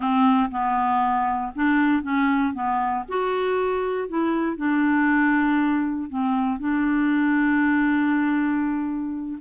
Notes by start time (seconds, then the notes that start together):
0.00 C4
0.50 B3
1.55 D4
2.02 C#4
2.53 B3
3.08 F#4
4.08 E4
4.56 D4
6.09 C4
6.59 D4